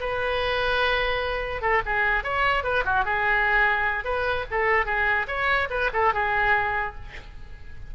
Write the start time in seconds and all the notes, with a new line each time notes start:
0.00 B4
1.62 A4
1.86 G#4
2.24 C#5
2.64 B4
2.85 F#4
3.05 G#4
4.05 B4
4.51 A4
4.86 G#4
5.28 C#5
5.70 B4
5.93 A4
6.14 G#4